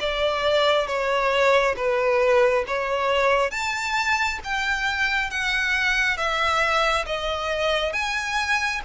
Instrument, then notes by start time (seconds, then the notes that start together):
violin
0.00 D5
0.87 C#5
1.76 B4
2.67 C#5
3.51 A5
4.44 G5
5.30 F#5
6.17 E5
7.06 D#5
7.93 G#5